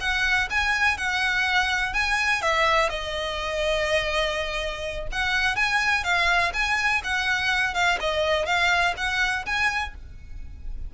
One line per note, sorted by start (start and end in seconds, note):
0.00 0.48 F#5
0.50 0.97 G#5
0.97 1.93 F#5
1.93 2.41 G#5
2.41 2.89 E5
2.89 5.07 D#5
5.12 5.56 F#5
5.56 6.03 G#5
6.03 6.52 F5
6.53 7.02 G#5
7.03 7.74 F#5
7.74 7.98 F5
8.00 8.46 D#5
8.46 8.94 F5
8.97 9.45 F#5
9.45 9.94 G#5